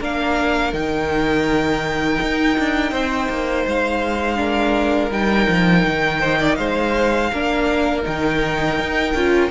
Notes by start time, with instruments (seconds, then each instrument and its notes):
0.00 cello A#3, viola D4, violin A#4 F5
0.73 cello D#3, viola D#4, violin G5
2.21 cello D#4
2.59 cello D4
2.91 cello C4, violin C5
3.29 cello A#3
3.66 cello G#3, violin F5
4.36 viola D4, violin A#4
5.10 cello G3, viola D#4, violin G5
5.49 cello F3
5.86 cello D#3
6.20 violin C5
6.39 violin D5
6.55 cello G#3, violin C5 F5
7.32 cello A#3, viola D4, violin A#4
8.02 cello D#3, viola D#4, violin G5
8.79 cello D#4
9.14 cello C#4, viola F4